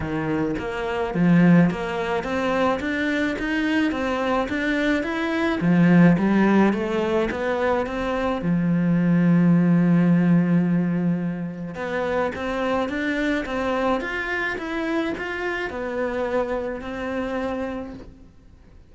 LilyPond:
\new Staff \with { instrumentName = "cello" } { \time 4/4 \tempo 4 = 107 dis4 ais4 f4 ais4 | c'4 d'4 dis'4 c'4 | d'4 e'4 f4 g4 | a4 b4 c'4 f4~ |
f1~ | f4 b4 c'4 d'4 | c'4 f'4 e'4 f'4 | b2 c'2 | }